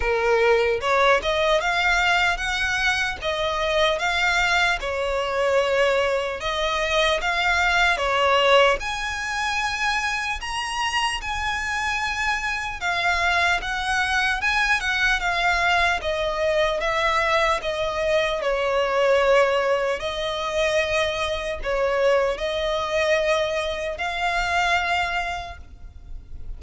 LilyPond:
\new Staff \with { instrumentName = "violin" } { \time 4/4 \tempo 4 = 75 ais'4 cis''8 dis''8 f''4 fis''4 | dis''4 f''4 cis''2 | dis''4 f''4 cis''4 gis''4~ | gis''4 ais''4 gis''2 |
f''4 fis''4 gis''8 fis''8 f''4 | dis''4 e''4 dis''4 cis''4~ | cis''4 dis''2 cis''4 | dis''2 f''2 | }